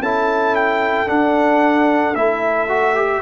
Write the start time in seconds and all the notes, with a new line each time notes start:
0.00 C#4 E4 A4 A5
0.56 G5
1.08 D4 F#5
2.15 A3 E4 E5
2.69 F#4
2.95 G4